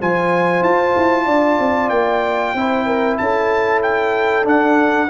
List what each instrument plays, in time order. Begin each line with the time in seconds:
0.00 tuba F3, trombone F4, horn C5, trumpet G#5
0.62 tuba F4, trumpet A5
0.96 tuba E4
1.25 tuba D4, horn D5
1.59 tuba C4
1.89 tuba A#3, trumpet G5
2.54 tuba C4, trombone E4, horn C5
2.86 horn A#4
3.18 tuba C#4, horn A4, trumpet A5
3.83 trumpet G5
4.44 trombone D4, tuba D4, trumpet F#5